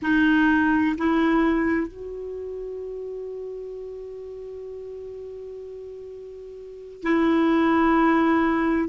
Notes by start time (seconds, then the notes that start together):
0.02 D#4
0.97 E4
1.87 F#4
7.02 E4